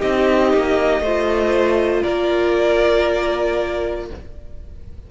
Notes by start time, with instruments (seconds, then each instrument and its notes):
0.00 cello C4, viola D#4, violin G4 D#5
0.54 cello A#3
1.01 cello A3, viola F4, violin C5
2.03 cello A#3, violin A#4 D5